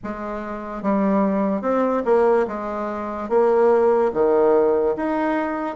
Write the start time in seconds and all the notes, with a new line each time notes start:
0.03 G#3
0.82 G3
1.61 C4
2.05 A#3
2.47 G#3
3.29 A#3
4.13 D#3
4.96 D#4